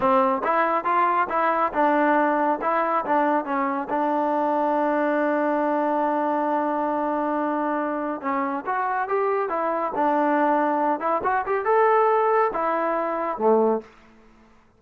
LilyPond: \new Staff \with { instrumentName = "trombone" } { \time 4/4 \tempo 4 = 139 c'4 e'4 f'4 e'4 | d'2 e'4 d'4 | cis'4 d'2.~ | d'1~ |
d'2. cis'4 | fis'4 g'4 e'4 d'4~ | d'4. e'8 fis'8 g'8 a'4~ | a'4 e'2 a4 | }